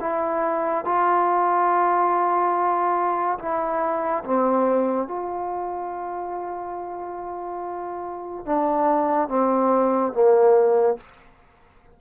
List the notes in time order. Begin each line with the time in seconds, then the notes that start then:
0.00 E4
0.85 F4
3.39 E4
4.24 C4
5.08 F4
8.45 D4
9.28 C4
10.13 A#3